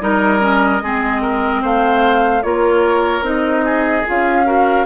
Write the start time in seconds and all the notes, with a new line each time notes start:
0.00 G3 D#4 A#4 D#5
0.39 C#4
0.82 G#3 C4 G#4
1.21 A#4
1.61 A3 C5 F5
2.42 A#3 F4 A#4 C#5
3.21 C4 D#4 D#5
3.65 G#4
4.06 C#4 F4 F5
4.45 F#4 A#4